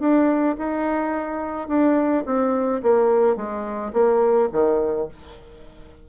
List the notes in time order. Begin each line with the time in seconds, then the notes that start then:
0.00 D4
0.59 D#4
1.68 D4
2.26 C4
2.83 A#3
3.37 G#3
3.93 A#3
4.53 D#3